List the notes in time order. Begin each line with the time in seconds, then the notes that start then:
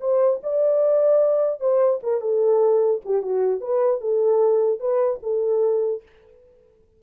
0.00 C5
0.43 D5
1.60 C5
2.03 A#4
2.21 A4
3.05 G4
3.22 F#4
3.60 B4
4.00 A4
4.79 B4
5.22 A4